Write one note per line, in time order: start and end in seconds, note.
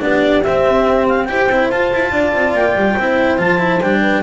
0.00 0.46 B3
0.00 0.42 D4
0.00 1.30 G4
0.00 0.44 D5
0.44 1.29 C4
0.44 1.30 C4
0.44 1.07 E5
1.09 1.26 F5
1.26 1.47 E4
1.26 1.50 G4
1.26 2.12 C5
1.26 1.68 G5
1.47 1.68 C4
1.47 1.73 E4
1.71 1.93 F4
1.71 2.99 F4
1.71 2.55 A5
1.93 2.12 E4
2.12 2.33 D4
2.12 2.95 D5
2.33 2.54 C4
2.54 2.75 A#3
2.54 3.40 G5
2.75 2.97 G3
2.95 3.39 C4
2.95 3.38 E4
2.95 4.01 C5
3.38 3.81 F3
3.38 3.59 F4
3.38 3.81 A5
3.59 3.80 E4
3.81 4.23 G3
3.81 4.23 D4
3.81 4.23 G5
4.01 4.23 B4